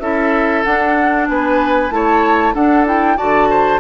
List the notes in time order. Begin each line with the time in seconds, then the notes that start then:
0.00 C#4 E4 A4 E5
0.63 D4 F#5
1.29 B3 B4 G#5
1.90 A3 E4 C#5 A5
2.54 D4 A4 F#5
2.86 E4 G5
3.17 D3 F#4 D5 A5
3.50 C5